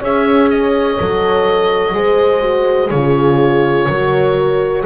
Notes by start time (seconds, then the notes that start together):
0.00 C#4 G#4 C#5 E5
0.50 D#5
0.98 F#3 A4
1.93 G#3 G#4 C5
2.41 F#4
2.90 C#3 F4 G#4 C#5
3.88 F#3 F#4 A#4